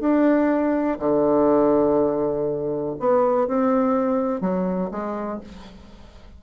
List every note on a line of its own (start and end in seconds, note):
0.00 0.98 D4
0.99 2.96 D3
3.00 3.48 B3
3.48 4.41 C4
4.41 4.90 F#3
4.91 5.41 G#3